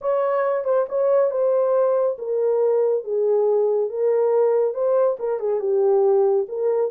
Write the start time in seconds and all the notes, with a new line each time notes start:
0.01 C#5
0.64 C5
0.88 C#5
1.30 C5
2.18 A#4
3.04 G#4
3.89 A#4
4.73 C5
5.19 A#4
5.39 G#4
5.60 G4
6.48 A#4